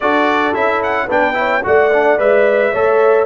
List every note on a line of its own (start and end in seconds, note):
0.00 0.53 D4
0.00 0.53 F#4
0.00 1.05 A4
0.00 0.54 D5
0.53 1.08 C#4
0.53 1.08 E4
0.53 0.81 E5
0.82 1.10 F#5
1.05 1.64 B3
1.05 1.34 D4
1.05 1.33 B4
1.05 1.65 G5
1.34 1.61 E4
1.34 1.65 C#5
1.63 2.19 A3
1.63 1.91 F#4
1.63 2.71 D5
1.63 2.19 F#5
1.93 2.18 D4
2.18 2.73 G#3
2.18 2.72 B4
2.18 3.26 E5
2.71 3.26 A3
2.71 3.26 A4
2.71 3.26 C#5